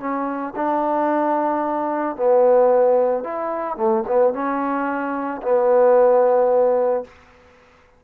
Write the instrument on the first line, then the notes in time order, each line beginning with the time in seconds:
trombone
0.00 C#4
0.56 D4
2.16 B3
3.24 E4
3.77 A3
4.08 B3
4.33 C#4
5.42 B3